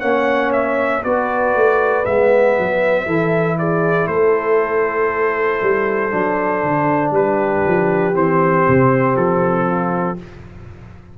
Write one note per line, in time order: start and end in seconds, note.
0.00 1.04 A#3
0.00 1.03 C#4
0.00 1.02 C#5
0.00 0.52 F#5
0.53 1.04 E5
1.04 1.56 B3
1.04 2.05 F#4
1.04 3.07 B4
1.04 2.06 D5
1.56 2.06 A3
2.06 2.58 G#3
2.06 3.07 B3
2.06 3.58 E5
2.58 3.07 F#3
3.07 4.08 E3
3.07 6.11 E4
3.07 3.57 A4
3.59 4.10 G#4
3.59 4.08 D5
4.08 5.60 A3
4.08 7.15 A4
4.08 7.13 C5
5.62 6.13 G3
6.11 6.64 F#3
6.11 8.14 D4
6.64 7.11 D3
7.11 7.62 G3
7.11 9.67 G4
7.11 8.16 B4
7.67 8.15 F3
8.14 8.66 E3
8.14 10.17 C4
8.14 9.17 C5
8.68 9.17 C3
9.17 10.18 F3
9.17 10.18 A4
9.67 10.18 F4